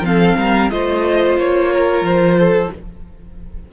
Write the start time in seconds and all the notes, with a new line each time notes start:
0.00 F3 C4 F5
0.06 A4
0.37 G3 A#4
0.70 A3 F4 C5 D#5
1.36 A#3 C#5
1.72 A#4
2.01 F3 C5
2.38 A4